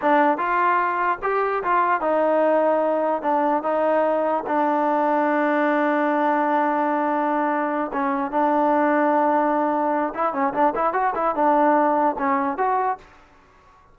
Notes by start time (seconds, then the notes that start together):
0.01 D4
0.37 F4
1.22 G4
1.63 F4
2.01 D#4
3.22 D4
3.62 D#4
4.46 D4
7.92 C#4
8.31 D4
10.14 E4
10.33 C#4
10.53 D4
10.75 E4
10.93 F#4
11.14 E4
11.35 D4
12.18 C#4
12.57 F#4